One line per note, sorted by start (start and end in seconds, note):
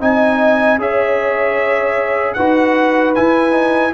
0.00 0.78 C4
0.00 0.78 D#4
0.00 0.80 D#5
0.00 0.80 G#5
0.78 2.36 C#4
0.78 2.36 G#4
0.78 2.36 C#5
0.78 2.33 E5
2.33 3.17 D#4
2.33 3.15 F#4
2.33 3.94 B4
2.33 3.12 F#5
3.15 3.51 E4
3.15 3.94 E4
3.15 3.94 G#5
3.51 3.91 D#4